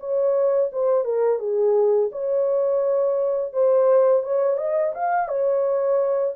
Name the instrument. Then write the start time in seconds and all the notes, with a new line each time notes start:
horn
0.00 C#5
0.73 C5
1.05 A#4
1.40 G#4
2.12 C#5
3.54 C5
4.23 C#5
4.58 D#5
4.95 F5
5.29 C#5